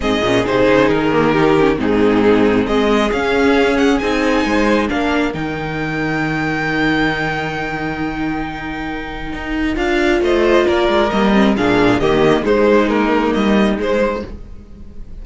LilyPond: <<
  \new Staff \with { instrumentName = "violin" } { \time 4/4 \tempo 4 = 135 dis''4 c''4 ais'2 | gis'2 dis''4 f''4~ | f''8 fis''8 gis''2 f''4 | g''1~ |
g''1~ | g''2 f''4 dis''4 | d''4 dis''4 f''4 dis''4 | c''4 ais'4 dis''4 c''4 | }
  \new Staff \with { instrumentName = "violin" } { \time 4/4 gis'2. g'4 | dis'2 gis'2~ | gis'2 c''4 ais'4~ | ais'1~ |
ais'1~ | ais'2. c''4 | ais'2 gis'4 g'4 | dis'1 | }
  \new Staff \with { instrumentName = "viola" } { \time 4/4 c'8 cis'8 dis'4. ais8 dis'8 cis'8 | c'2. cis'4~ | cis'4 dis'2 d'4 | dis'1~ |
dis'1~ | dis'2 f'2~ | f'4 ais8 c'8 d'4 ais4 | gis4 ais2 gis4 | }
  \new Staff \with { instrumentName = "cello" } { \time 4/4 gis,8 ais,8 c8 cis8 dis2 | gis,2 gis4 cis'4~ | cis'4 c'4 gis4 ais4 | dis1~ |
dis1~ | dis4 dis'4 d'4 a4 | ais8 gis8 g4 ais,4 dis4 | gis2 g4 gis4 | }
>>